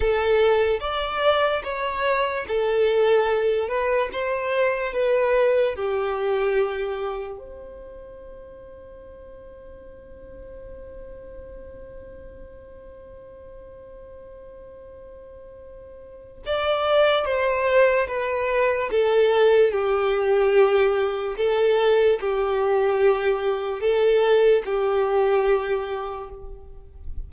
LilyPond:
\new Staff \with { instrumentName = "violin" } { \time 4/4 \tempo 4 = 73 a'4 d''4 cis''4 a'4~ | a'8 b'8 c''4 b'4 g'4~ | g'4 c''2.~ | c''1~ |
c''1 | d''4 c''4 b'4 a'4 | g'2 a'4 g'4~ | g'4 a'4 g'2 | }